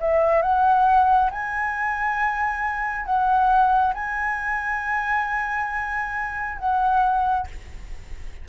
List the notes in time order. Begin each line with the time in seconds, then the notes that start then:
0.00 E5
0.42 F#5
1.31 G#5
3.06 F#5
3.94 G#5
6.59 F#5